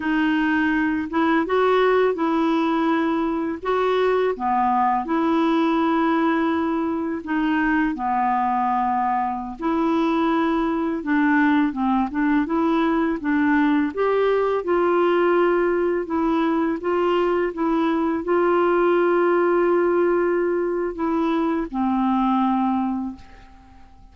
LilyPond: \new Staff \with { instrumentName = "clarinet" } { \time 4/4 \tempo 4 = 83 dis'4. e'8 fis'4 e'4~ | e'4 fis'4 b4 e'4~ | e'2 dis'4 b4~ | b4~ b16 e'2 d'8.~ |
d'16 c'8 d'8 e'4 d'4 g'8.~ | g'16 f'2 e'4 f'8.~ | f'16 e'4 f'2~ f'8.~ | f'4 e'4 c'2 | }